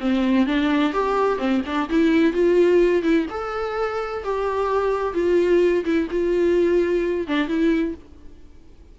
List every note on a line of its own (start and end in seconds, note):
0.00 0.46 C4
0.46 0.93 D4
0.93 1.38 G4
1.38 1.62 C4
1.66 1.89 D4
1.90 2.33 E4
2.33 3.03 F4
3.03 3.26 E4
3.30 4.24 A4
4.24 5.14 G4
5.14 5.84 F4
5.85 6.08 E4
6.11 7.28 F4
7.28 7.48 D4
7.48 7.95 E4